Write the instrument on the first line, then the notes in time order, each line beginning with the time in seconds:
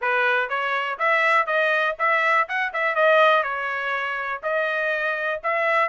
trumpet
0.01 B4
0.49 C#5
0.98 E5
1.46 D#5
1.99 E5
2.48 F#5
2.73 E5
2.95 D#5
3.43 C#5
4.42 D#5
5.43 E5